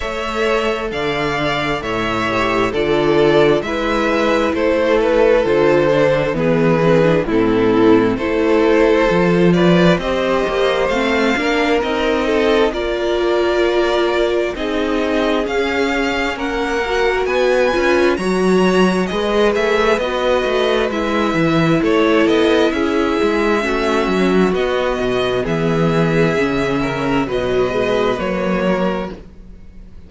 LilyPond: <<
  \new Staff \with { instrumentName = "violin" } { \time 4/4 \tempo 4 = 66 e''4 f''4 e''4 d''4 | e''4 c''8 b'8 c''4 b'4 | a'4 c''4. d''8 dis''4 | f''4 dis''4 d''2 |
dis''4 f''4 fis''4 gis''4 | ais''4 dis''8 e''8 dis''4 e''4 | cis''8 dis''8 e''2 dis''4 | e''2 dis''4 cis''4 | }
  \new Staff \with { instrumentName = "violin" } { \time 4/4 cis''4 d''4 cis''4 a'4 | b'4 a'2 gis'4 | e'4 a'4. b'8 c''4~ | c''8 ais'4 a'8 ais'2 |
gis'2 ais'4 b'4 | cis''4 b'2. | a'4 gis'4 fis'2 | gis'4. ais'8 b'4. ais'8 | }
  \new Staff \with { instrumentName = "viola" } { \time 4/4 a'2~ a'8 g'8 f'4 | e'2 f'8 d'8 b8 c'16 d'16 | c'4 e'4 f'4 g'4 | c'8 d'8 dis'4 f'2 |
dis'4 cis'4. fis'4 f'8 | fis'4 gis'4 fis'4 e'4~ | e'2 cis'4 b4~ | b4 cis'4 fis8 gis8 ais4 | }
  \new Staff \with { instrumentName = "cello" } { \time 4/4 a4 d4 a,4 d4 | gis4 a4 d4 e4 | a,4 a4 f4 c'8 ais8 | a8 ais8 c'4 ais2 |
c'4 cis'4 ais4 b8 cis'8 | fis4 gis8 a8 b8 a8 gis8 e8 | a8 b8 cis'8 gis8 a8 fis8 b8 b,8 | e4 cis4 b,4 fis4 | }
>>